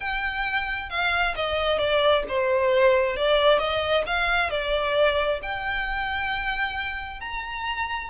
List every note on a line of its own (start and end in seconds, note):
0.00 0.89 G5
0.89 1.34 F5
1.35 1.78 D#5
1.78 2.23 D5
2.28 3.16 C5
3.16 3.58 D5
3.58 4.04 D#5
4.06 4.50 F5
4.50 5.40 D5
5.42 7.20 G5
7.20 8.10 A#5